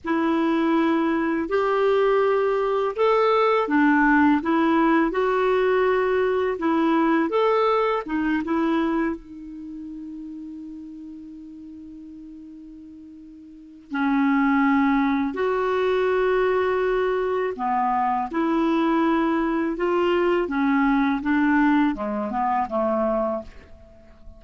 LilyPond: \new Staff \with { instrumentName = "clarinet" } { \time 4/4 \tempo 4 = 82 e'2 g'2 | a'4 d'4 e'4 fis'4~ | fis'4 e'4 a'4 dis'8 e'8~ | e'8 dis'2.~ dis'8~ |
dis'2. cis'4~ | cis'4 fis'2. | b4 e'2 f'4 | cis'4 d'4 gis8 b8 a4 | }